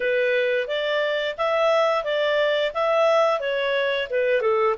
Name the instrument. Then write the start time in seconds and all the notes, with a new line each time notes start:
clarinet
0.00 B4
0.67 D5
1.37 E5
2.04 D5
2.74 E5
3.39 C#5
4.10 B4
4.41 A4